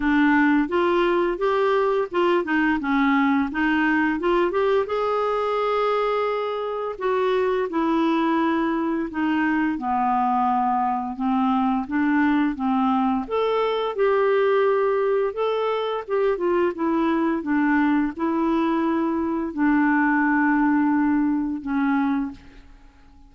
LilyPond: \new Staff \with { instrumentName = "clarinet" } { \time 4/4 \tempo 4 = 86 d'4 f'4 g'4 f'8 dis'8 | cis'4 dis'4 f'8 g'8 gis'4~ | gis'2 fis'4 e'4~ | e'4 dis'4 b2 |
c'4 d'4 c'4 a'4 | g'2 a'4 g'8 f'8 | e'4 d'4 e'2 | d'2. cis'4 | }